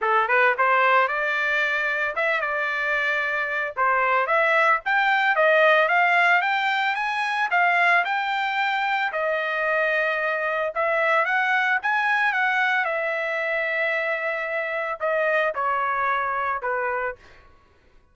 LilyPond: \new Staff \with { instrumentName = "trumpet" } { \time 4/4 \tempo 4 = 112 a'8 b'8 c''4 d''2 | e''8 d''2~ d''8 c''4 | e''4 g''4 dis''4 f''4 | g''4 gis''4 f''4 g''4~ |
g''4 dis''2. | e''4 fis''4 gis''4 fis''4 | e''1 | dis''4 cis''2 b'4 | }